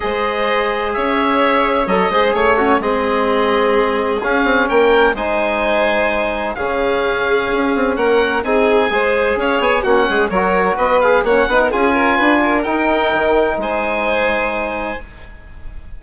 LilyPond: <<
  \new Staff \with { instrumentName = "oboe" } { \time 4/4 \tempo 4 = 128 dis''2 e''2 | dis''4 cis''4 dis''2~ | dis''4 f''4 g''4 gis''4~ | gis''2 f''2~ |
f''4 fis''4 gis''2 | f''8 gis''8 fis''4 cis''4 dis''8 f''8 | fis''4 gis''2 g''4~ | g''4 gis''2. | }
  \new Staff \with { instrumentName = "violin" } { \time 4/4 c''2 cis''2~ | cis''8 c''8 cis''8 cis'8 gis'2~ | gis'2 ais'4 c''4~ | c''2 gis'2~ |
gis'4 ais'4 gis'4 c''4 | cis''4 fis'8 gis'8 ais'4 b'4 | cis''8 b'16 ais'16 gis'8 ais'8 b'8 ais'4.~ | ais'4 c''2. | }
  \new Staff \with { instrumentName = "trombone" } { \time 4/4 gis'1 | a'8 gis'4 fis'8 c'2~ | c'4 cis'2 dis'4~ | dis'2 cis'2~ |
cis'2 dis'4 gis'4~ | gis'4 cis'4 fis'4. gis'8 | cis'8 dis'8 f'2 dis'4~ | dis'1 | }
  \new Staff \with { instrumentName = "bassoon" } { \time 4/4 gis2 cis'2 | fis8 gis8 a4 gis2~ | gis4 cis'8 c'8 ais4 gis4~ | gis2 cis2 |
cis'8 c'8 ais4 c'4 gis4 | cis'8 b8 ais8 gis8 fis4 b4 | ais8 b8 cis'4 d'4 dis'4 | dis4 gis2. | }
>>